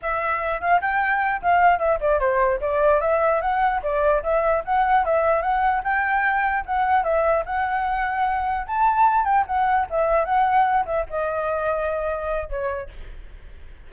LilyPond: \new Staff \with { instrumentName = "flute" } { \time 4/4 \tempo 4 = 149 e''4. f''8 g''4. f''8~ | f''8 e''8 d''8 c''4 d''4 e''8~ | e''8 fis''4 d''4 e''4 fis''8~ | fis''8 e''4 fis''4 g''4.~ |
g''8 fis''4 e''4 fis''4.~ | fis''4. a''4. g''8 fis''8~ | fis''8 e''4 fis''4. e''8 dis''8~ | dis''2. cis''4 | }